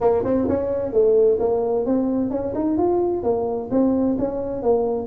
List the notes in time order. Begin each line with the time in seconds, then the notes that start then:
0.00 A#3
0.24 C4
0.48 C#4
0.92 A3
1.39 A#3
1.85 C4
2.30 C#4
2.54 D#4
2.77 F4
3.23 A#3
3.70 C4
4.18 C#4
4.62 A#3